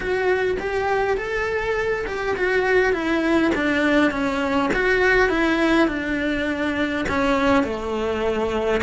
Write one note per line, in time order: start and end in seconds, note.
0.00 0.57 F#4
0.59 1.17 G4
1.17 2.05 A4
2.06 2.36 G4
2.36 2.93 F#4
2.93 3.51 E4
3.55 4.11 D4
4.11 4.70 C#4
4.74 5.29 F#4
5.29 5.87 E4
5.87 7.05 D4
7.09 7.63 C#4
7.63 8.81 A3